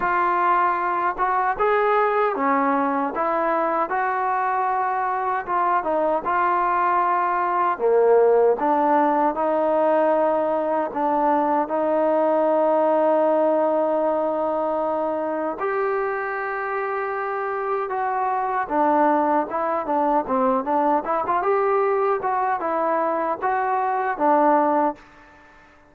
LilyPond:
\new Staff \with { instrumentName = "trombone" } { \time 4/4 \tempo 4 = 77 f'4. fis'8 gis'4 cis'4 | e'4 fis'2 f'8 dis'8 | f'2 ais4 d'4 | dis'2 d'4 dis'4~ |
dis'1 | g'2. fis'4 | d'4 e'8 d'8 c'8 d'8 e'16 f'16 g'8~ | g'8 fis'8 e'4 fis'4 d'4 | }